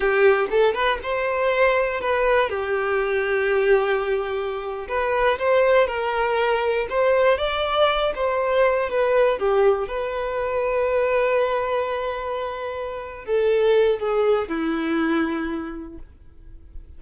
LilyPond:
\new Staff \with { instrumentName = "violin" } { \time 4/4 \tempo 4 = 120 g'4 a'8 b'8 c''2 | b'4 g'2.~ | g'4.~ g'16 b'4 c''4 ais'16~ | ais'4.~ ais'16 c''4 d''4~ d''16~ |
d''16 c''4. b'4 g'4 b'16~ | b'1~ | b'2~ b'8 a'4. | gis'4 e'2. | }